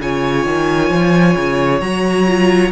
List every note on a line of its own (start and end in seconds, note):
0.00 0.45 C#3
0.00 1.82 F4
0.00 2.72 C#5
0.00 1.80 G#5
0.45 0.90 D#3
0.90 1.35 F3
1.36 1.80 C#3
1.80 2.71 F#3
1.80 2.27 F#4
1.80 2.71 A#5
2.27 2.72 F4